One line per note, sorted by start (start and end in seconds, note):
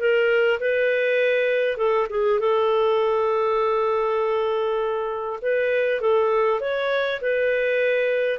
0.00 0.60 A#4
0.60 1.77 B4
1.77 2.07 A4
2.10 2.40 G#4
2.40 5.40 A4
5.42 6.01 B4
6.01 6.61 A4
6.61 7.21 C#5
7.21 8.39 B4